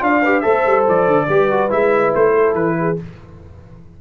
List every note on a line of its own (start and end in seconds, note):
0.00 0.43 D4
0.00 0.21 F4
0.00 0.22 D5
0.00 0.40 F5
0.22 0.42 G4
0.22 0.43 B4
0.40 0.66 A3
0.40 1.27 A4
0.40 1.27 C5
0.40 0.83 E5
0.66 0.87 G3
0.88 1.07 F3
0.88 1.71 D5
1.07 1.28 D3
1.28 1.71 G3
1.28 1.51 G4
1.28 2.34 B4
1.51 1.70 F#4
1.70 2.14 G#3
1.70 2.97 E4
1.70 2.13 E5
2.15 2.54 A3
2.15 2.55 C5
2.34 2.76 A4
2.54 2.96 E3
2.54 2.97 B4
2.79 3.01 G#4